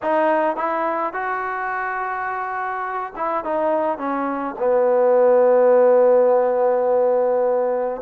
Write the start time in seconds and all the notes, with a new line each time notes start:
0.02 D#4
0.56 E4
1.13 F#4
3.16 E4
3.44 D#4
3.97 C#4
4.58 B3